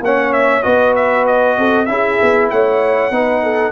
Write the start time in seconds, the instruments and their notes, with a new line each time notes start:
0.00 tuba A#3, trombone C#4, horn C#5, trumpet F#5
0.33 trumpet E5
0.62 tuba B3, trombone F#4, horn B4, trumpet D#5
0.95 trumpet E5
1.26 trumpet D#5
1.58 tuba C4, horn A4
1.85 tuba C#4, trombone E4, horn G#4, trumpet E5
2.22 tuba B3
2.50 tuba A3, horn C#5, trumpet F#5
3.10 tuba B3, trombone D#4, horn B4
3.43 horn A4